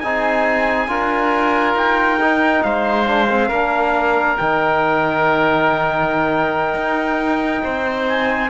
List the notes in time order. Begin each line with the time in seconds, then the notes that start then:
0.00 C4 D#4 G#4 G#5
0.88 D4 F4 A#4
1.75 D#4 G5
2.22 D#4
2.63 G#3 C5 F5
3.07 D4
3.30 C4
3.49 A#3 D4 A#4
4.38 D#3 D#4 G5
6.75 D#4
7.64 C4 C5
8.08 G#5